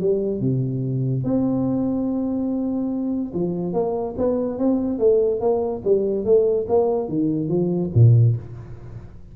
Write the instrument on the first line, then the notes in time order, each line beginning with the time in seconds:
tuba
0.00 G3
0.40 C3
1.24 C4
3.34 F3
3.73 A#3
4.18 B3
4.58 C4
4.98 A3
5.40 A#3
5.84 G3
6.24 A3
6.68 A#3
7.08 D#3
7.48 F3
7.94 A#2